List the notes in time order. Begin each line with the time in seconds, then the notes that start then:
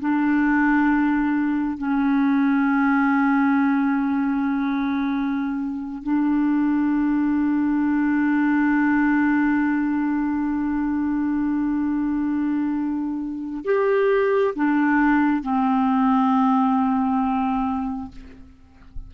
0.00 D4
1.78 C#4
6.03 D4
13.65 G4
14.56 D4
15.43 C4